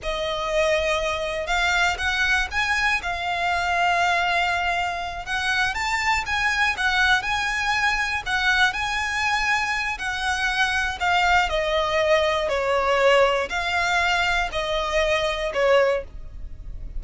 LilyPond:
\new Staff \with { instrumentName = "violin" } { \time 4/4 \tempo 4 = 120 dis''2. f''4 | fis''4 gis''4 f''2~ | f''2~ f''8 fis''4 a''8~ | a''8 gis''4 fis''4 gis''4.~ |
gis''8 fis''4 gis''2~ gis''8 | fis''2 f''4 dis''4~ | dis''4 cis''2 f''4~ | f''4 dis''2 cis''4 | }